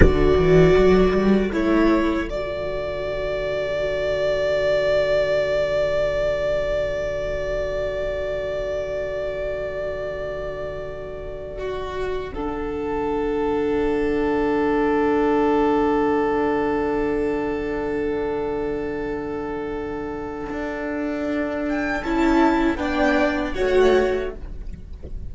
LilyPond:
<<
  \new Staff \with { instrumentName = "violin" } { \time 4/4 \tempo 4 = 79 d''2 cis''4 d''4~ | d''1~ | d''1~ | d''1~ |
d''16 fis''2.~ fis''8.~ | fis''1~ | fis''1~ | fis''8 g''8 a''4 g''4 fis''4 | }
  \new Staff \with { instrumentName = "violin" } { \time 4/4 a'1~ | a'1~ | a'1~ | a'2.~ a'16 fis'8.~ |
fis'16 a'2.~ a'8.~ | a'1~ | a'1~ | a'2 d''4 cis''4 | }
  \new Staff \with { instrumentName = "viola" } { \time 4/4 fis'2 e'4 fis'4~ | fis'1~ | fis'1~ | fis'1~ |
fis'16 d'2.~ d'8.~ | d'1~ | d'1~ | d'4 e'4 d'4 fis'4 | }
  \new Staff \with { instrumentName = "cello" } { \time 4/4 d8 e8 fis8 g8 a4 d4~ | d1~ | d1~ | d1~ |
d1~ | d1~ | d2. d'4~ | d'4 cis'4 b4 a4 | }
>>